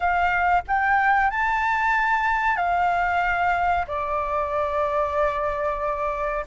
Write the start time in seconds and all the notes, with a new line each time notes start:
0.00 F5
0.67 G5
1.30 A5
2.56 F5
3.87 D5